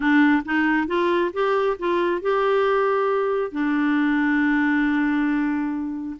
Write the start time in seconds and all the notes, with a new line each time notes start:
0.00 D4
0.45 D#4
0.87 F4
1.33 G4
1.78 F4
2.21 G4
3.51 D4